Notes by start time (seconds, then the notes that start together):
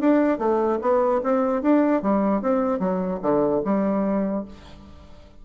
0.00 D4
0.38 A3
0.81 B3
1.23 C4
1.62 D4
2.02 G3
2.41 C4
2.79 F#3
3.22 D3
3.64 G3